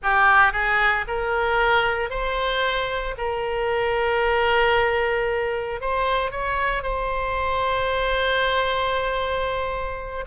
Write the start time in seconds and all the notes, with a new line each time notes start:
0.03 G4
0.52 G#4
1.07 A#4
2.09 C5
3.17 A#4
5.80 C5
6.31 C#5
6.83 C5